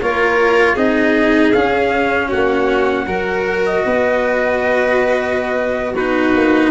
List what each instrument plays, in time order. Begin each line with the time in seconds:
0.00 tuba A#3, cello F4, violin A#4, trumpet C#5
0.74 tuba C4, cello D#4, violin G#4, trumpet D#5
1.52 cello C#4, tuba C#4, trumpet F5
2.28 tuba A#3, violin F#4, trumpet F#5
3.06 tuba F#3, cello F#4, violin A#4
3.65 trumpet D#5
3.85 tuba B3, violin B4
5.93 cello D#4, violin F#4, trumpet B4
6.35 tuba A#3